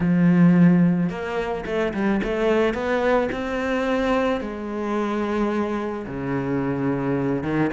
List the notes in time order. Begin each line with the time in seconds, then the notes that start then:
0.00 F3
1.09 A#3
1.65 A3
1.93 G3
2.23 A3
2.73 B3
3.32 C4
4.40 G#3
6.07 C#3
7.43 D#3